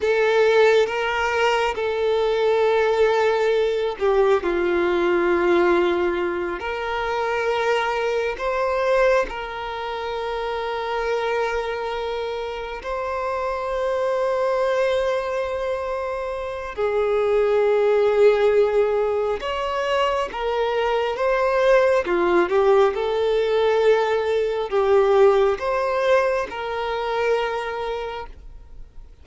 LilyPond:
\new Staff \with { instrumentName = "violin" } { \time 4/4 \tempo 4 = 68 a'4 ais'4 a'2~ | a'8 g'8 f'2~ f'8 ais'8~ | ais'4. c''4 ais'4.~ | ais'2~ ais'8 c''4.~ |
c''2. gis'4~ | gis'2 cis''4 ais'4 | c''4 f'8 g'8 a'2 | g'4 c''4 ais'2 | }